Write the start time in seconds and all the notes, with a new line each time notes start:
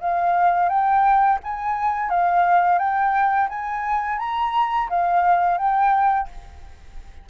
0.00 F5
0.69 G5
1.43 G#5
2.10 F5
2.78 G5
3.49 G#5
4.19 A#5
4.89 F5
5.58 G5